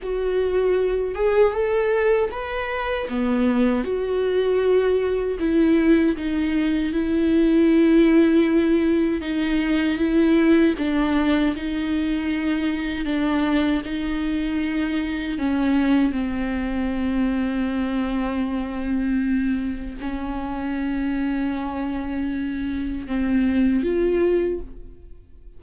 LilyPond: \new Staff \with { instrumentName = "viola" } { \time 4/4 \tempo 4 = 78 fis'4. gis'8 a'4 b'4 | b4 fis'2 e'4 | dis'4 e'2. | dis'4 e'4 d'4 dis'4~ |
dis'4 d'4 dis'2 | cis'4 c'2.~ | c'2 cis'2~ | cis'2 c'4 f'4 | }